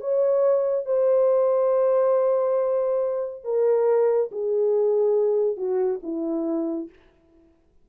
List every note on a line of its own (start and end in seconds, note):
0.00 0.85 C#5
0.85 3.44 C5
3.44 4.30 A#4
4.31 5.56 G#4
5.56 6.00 F#4
6.03 6.89 E4